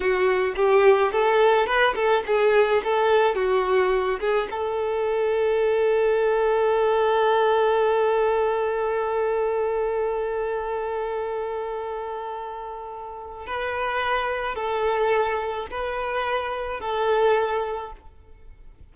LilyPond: \new Staff \with { instrumentName = "violin" } { \time 4/4 \tempo 4 = 107 fis'4 g'4 a'4 b'8 a'8 | gis'4 a'4 fis'4. gis'8 | a'1~ | a'1~ |
a'1~ | a'1 | b'2 a'2 | b'2 a'2 | }